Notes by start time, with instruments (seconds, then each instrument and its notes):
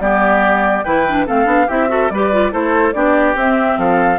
0.00 bassoon G3, clarinet B3, oboe G4, flute D5
0.84 bassoon E3, clarinet E4, oboe B4, flute G5
1.08 clarinet D4
1.26 bassoon A3, clarinet C4, oboe A4, flute F5
1.45 bassoon B3, clarinet D4
1.67 bassoon C4, clarinet E4, oboe G4, flute E5
1.88 clarinet F#4, oboe A4
2.10 bassoon G3, clarinet G4, oboe B4, flute D5
2.33 clarinet F4
2.51 bassoon A3, clarinet E4, oboe A4, flute C5
2.93 bassoon B3, clarinet D4, oboe G4, flute D5
3.35 bassoon C4, clarinet C4, flute E5
3.78 bassoon F3, oboe A4, flute F5